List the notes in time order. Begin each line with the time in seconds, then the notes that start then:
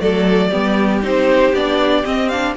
0.00 F#3 A3 A4 D5
0.50 G3 B3 G4
1.03 C4 D#4 C5
1.53 B3 D4 D5
2.05 C4 D#5
2.29 D4 F5